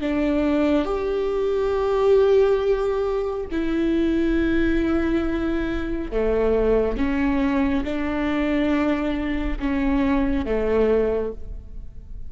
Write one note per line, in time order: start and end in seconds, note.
0.00 0.85 D4
0.85 3.45 G4
3.51 6.10 E4
6.10 6.96 A3
6.96 7.83 C#4
7.84 9.58 D4
9.59 10.45 C#4
10.45 11.32 A3